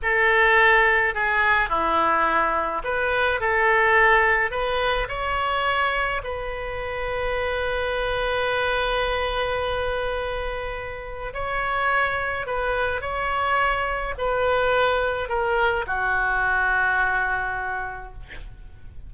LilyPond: \new Staff \with { instrumentName = "oboe" } { \time 4/4 \tempo 4 = 106 a'2 gis'4 e'4~ | e'4 b'4 a'2 | b'4 cis''2 b'4~ | b'1~ |
b'1 | cis''2 b'4 cis''4~ | cis''4 b'2 ais'4 | fis'1 | }